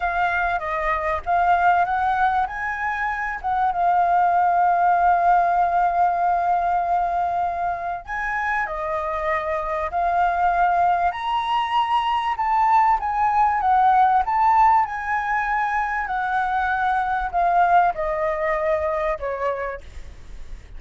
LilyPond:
\new Staff \with { instrumentName = "flute" } { \time 4/4 \tempo 4 = 97 f''4 dis''4 f''4 fis''4 | gis''4. fis''8 f''2~ | f''1~ | f''4 gis''4 dis''2 |
f''2 ais''2 | a''4 gis''4 fis''4 a''4 | gis''2 fis''2 | f''4 dis''2 cis''4 | }